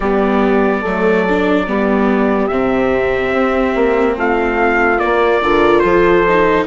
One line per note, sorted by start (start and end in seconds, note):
0.00 0.83 G3
0.00 0.85 B3
0.00 0.81 G4
0.00 2.47 D5
0.81 1.68 F#3
0.81 1.28 A3
0.81 1.64 A4
1.29 1.66 D4
1.66 2.50 G3
1.66 2.50 B3
1.66 4.17 G4
2.47 3.32 C3
2.47 4.98 C4
2.47 4.14 E5
3.32 3.74 C4
3.75 4.16 A#3
4.16 5.00 A3
4.16 5.42 F4
4.16 4.98 F5
4.98 5.40 A#3
4.98 5.79 D5
5.05 5.41 A#3
5.41 5.83 D3
5.41 6.26 F4
5.41 5.82 A#4
5.79 6.66 F3
5.79 6.66 A4
5.79 6.63 C5
6.28 6.66 D#4